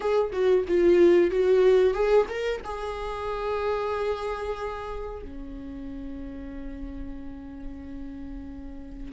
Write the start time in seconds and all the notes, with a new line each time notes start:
0.00 G#4
0.32 F#4
0.68 F4
1.30 F#4
1.94 G#4
2.28 A#4
2.64 G#4
5.22 C#4